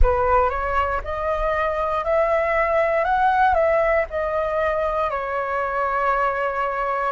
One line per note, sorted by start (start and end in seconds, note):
0.01 0.49 B4
0.49 1.00 C#5
1.04 2.04 D#5
2.04 3.04 E5
3.04 3.54 F#5
3.54 4.05 E5
4.10 5.10 D#5
5.10 7.11 C#5